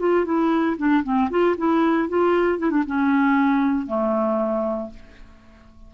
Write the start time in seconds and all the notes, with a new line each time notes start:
0.00 F4
0.25 E4
0.78 D4
1.04 C4
1.30 F4
1.58 E4
2.09 F4
2.59 E4
2.71 D4
2.87 C#4
3.87 A3